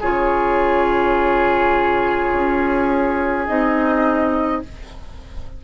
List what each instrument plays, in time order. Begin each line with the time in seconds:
0.00 bassoon C#3, clarinet F4, oboe G#4, flute C#5
2.33 bassoon C#4
3.46 bassoon C4, clarinet D#4, flute D#5